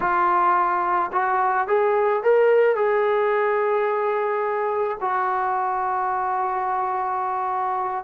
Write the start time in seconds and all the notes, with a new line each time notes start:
0.00 F4
1.12 F#4
1.67 G#4
2.23 A#4
2.75 G#4
5.00 F#4